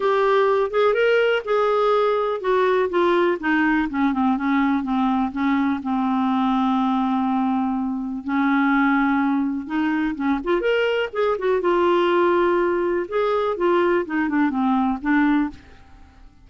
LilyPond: \new Staff \with { instrumentName = "clarinet" } { \time 4/4 \tempo 4 = 124 g'4. gis'8 ais'4 gis'4~ | gis'4 fis'4 f'4 dis'4 | cis'8 c'8 cis'4 c'4 cis'4 | c'1~ |
c'4 cis'2. | dis'4 cis'8 f'8 ais'4 gis'8 fis'8 | f'2. gis'4 | f'4 dis'8 d'8 c'4 d'4 | }